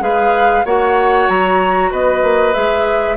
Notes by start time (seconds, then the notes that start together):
0.00 G#3 G#4 B4 F5
0.64 A#3 F#4 C#5 F#5
1.28 F#3 A#5
1.90 B3 B4 D#5
2.22 A#3
2.53 G#3 G#4 E5